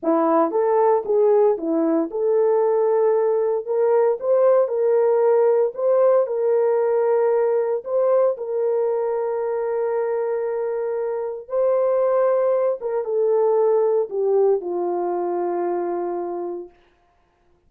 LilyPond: \new Staff \with { instrumentName = "horn" } { \time 4/4 \tempo 4 = 115 e'4 a'4 gis'4 e'4 | a'2. ais'4 | c''4 ais'2 c''4 | ais'2. c''4 |
ais'1~ | ais'2 c''2~ | c''8 ais'8 a'2 g'4 | f'1 | }